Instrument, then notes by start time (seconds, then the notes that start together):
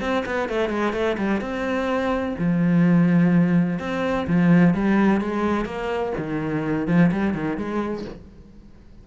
cello
0.00 C4
0.25 B3
0.49 A3
0.69 G#3
0.93 A3
1.17 G3
1.40 C4
2.38 F3
3.79 C4
4.27 F3
4.74 G3
5.20 G#3
5.65 A#3
6.17 D#3
6.87 F3
7.11 G3
7.33 D#3
7.57 G#3